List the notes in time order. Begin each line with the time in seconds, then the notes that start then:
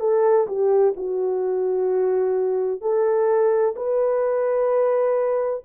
0.00 A4
0.47 G4
0.96 F#4
2.81 A4
3.76 B4